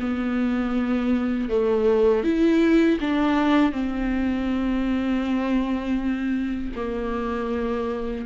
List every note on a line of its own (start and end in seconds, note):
0.00 1.49 B3
1.49 2.24 A3
2.24 2.99 E4
3.00 3.72 D4
3.72 6.72 C4
6.75 8.25 A#3